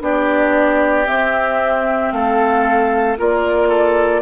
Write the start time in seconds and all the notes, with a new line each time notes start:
0.00 B3 D4 G4 D5
1.06 C4 E5
2.11 A3 A4 F5
3.17 A#3 F4 A#4 D5
3.68 A4